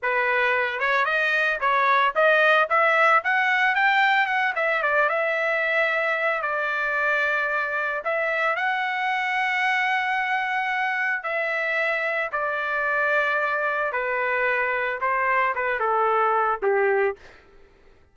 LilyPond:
\new Staff \with { instrumentName = "trumpet" } { \time 4/4 \tempo 4 = 112 b'4. cis''8 dis''4 cis''4 | dis''4 e''4 fis''4 g''4 | fis''8 e''8 d''8 e''2~ e''8 | d''2. e''4 |
fis''1~ | fis''4 e''2 d''4~ | d''2 b'2 | c''4 b'8 a'4. g'4 | }